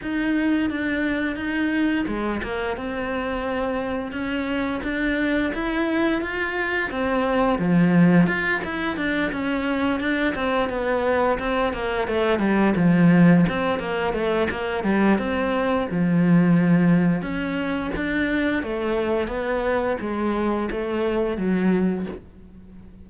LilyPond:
\new Staff \with { instrumentName = "cello" } { \time 4/4 \tempo 4 = 87 dis'4 d'4 dis'4 gis8 ais8 | c'2 cis'4 d'4 | e'4 f'4 c'4 f4 | f'8 e'8 d'8 cis'4 d'8 c'8 b8~ |
b8 c'8 ais8 a8 g8 f4 c'8 | ais8 a8 ais8 g8 c'4 f4~ | f4 cis'4 d'4 a4 | b4 gis4 a4 fis4 | }